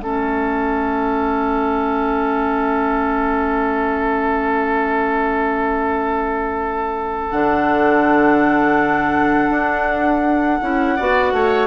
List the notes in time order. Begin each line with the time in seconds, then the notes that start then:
0.00 A3 C#4 A4 E5
7.30 D3 D4 F#5
9.50 D4
10.62 C#4 E4
10.96 B3 F#4 D5
11.32 A3 C#5